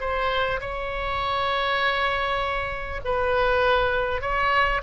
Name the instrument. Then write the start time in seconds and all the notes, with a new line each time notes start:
oboe
0.00 C5
0.60 C#5
3.04 B4
4.21 C#5